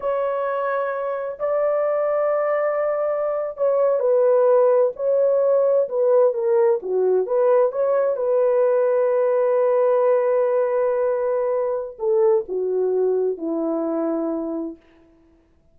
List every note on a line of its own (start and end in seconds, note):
0.00 1.38 C#5
1.39 3.57 D5
3.57 3.99 C#5
3.99 4.92 B4
4.96 5.88 C#5
5.88 6.33 B4
6.33 6.79 A#4
6.82 7.26 F#4
7.26 7.72 B4
7.72 8.16 C#5
8.16 11.97 B4
11.98 12.44 A4
12.48 13.37 F#4
13.37 14.76 E4